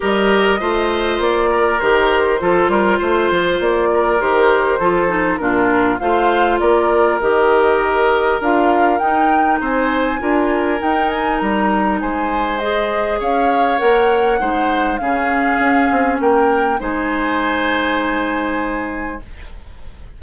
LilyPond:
<<
  \new Staff \with { instrumentName = "flute" } { \time 4/4 \tempo 4 = 100 dis''2 d''4 c''4~ | c''2 d''4 c''4~ | c''4 ais'4 f''4 d''4 | dis''2 f''4 g''4 |
gis''2 g''8 gis''8 ais''4 | gis''4 dis''4 f''4 fis''4~ | fis''4 f''2 g''4 | gis''1 | }
  \new Staff \with { instrumentName = "oboe" } { \time 4/4 ais'4 c''4. ais'4. | a'8 ais'8 c''4. ais'4. | a'4 f'4 c''4 ais'4~ | ais'1 |
c''4 ais'2. | c''2 cis''2 | c''4 gis'2 ais'4 | c''1 | }
  \new Staff \with { instrumentName = "clarinet" } { \time 4/4 g'4 f'2 g'4 | f'2. g'4 | f'8 dis'8 d'4 f'2 | g'2 f'4 dis'4~ |
dis'4 f'4 dis'2~ | dis'4 gis'2 ais'4 | dis'4 cis'2. | dis'1 | }
  \new Staff \with { instrumentName = "bassoon" } { \time 4/4 g4 a4 ais4 dis4 | f8 g8 a8 f8 ais4 dis4 | f4 ais,4 a4 ais4 | dis2 d'4 dis'4 |
c'4 d'4 dis'4 g4 | gis2 cis'4 ais4 | gis4 cis4 cis'8 c'8 ais4 | gis1 | }
>>